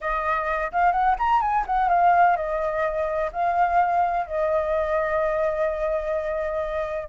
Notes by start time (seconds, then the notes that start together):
0.00 D#5
0.72 F5
0.91 F#5
1.19 A#5
1.41 G#5
1.66 F#5
1.89 F5
2.36 D#5
3.32 F5
4.26 D#5